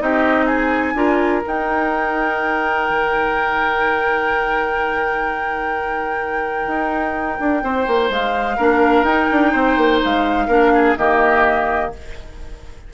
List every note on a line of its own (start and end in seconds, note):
0.00 0.95 C4
0.00 0.95 D#4
0.00 0.46 G4
0.00 0.47 D#5
0.46 0.94 G#4
0.46 1.42 G#5
0.95 1.43 D4
0.95 1.43 F4
0.95 7.64 A#4
1.43 8.57 D#4
1.43 2.90 D#4
1.43 8.13 G5
2.90 6.67 D#3
6.67 7.39 D#4
7.40 7.63 D4
7.63 7.87 C4
7.63 8.57 C5
7.87 8.10 A#3
8.10 8.58 G#3
8.10 9.04 F5
8.57 9.03 A#3
8.57 9.07 D4
8.57 9.52 A#4
9.03 9.27 D#4
9.03 10.50 D#4
9.03 10.00 G5
9.32 9.54 D4
9.52 9.77 C4
9.52 10.47 C5
9.77 10.01 A#3
10.04 10.48 G#3
10.04 10.97 F5
10.48 10.96 A#3
10.48 10.97 D4
10.48 10.72 A#4
10.75 10.98 G#4
10.97 11.93 D#3
10.97 11.93 A#3
10.97 11.94 G4
10.97 11.92 D#5